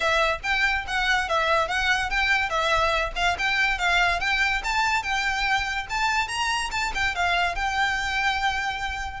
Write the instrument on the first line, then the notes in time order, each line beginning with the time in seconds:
violin
0.00 E5
0.43 G5
0.87 F#5
1.28 E5
1.67 F#5
2.10 G5
2.49 E5
3.15 F5
3.38 G5
3.78 F5
4.20 G5
4.64 A5
5.02 G5
5.89 A5
6.28 A#5
6.71 A5
6.94 G5
7.15 F5
7.55 G5